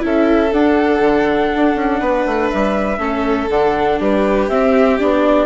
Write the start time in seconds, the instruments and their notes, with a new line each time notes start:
0.00 bassoon C#4, viola E4, violin A4, flute E5
0.52 bassoon D4, viola D4, flute F#5
1.00 bassoon D3
1.56 bassoon D4
1.75 bassoon C#4
2.00 bassoon B3, violin B4
2.26 bassoon A3
2.50 bassoon G3, flute E5
2.98 bassoon A3, viola C#4, violin A4
3.49 bassoon D3, viola D4, flute F#5
3.99 bassoon G3, violin G4, flute B4
4.49 bassoon C4, viola C4, flute E5
4.99 bassoon B3, viola D4, flute D5